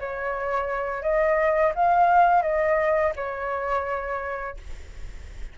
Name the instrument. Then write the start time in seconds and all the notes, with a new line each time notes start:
flute
0.00 C#5
1.03 D#5
1.76 F5
2.43 D#5
3.16 C#5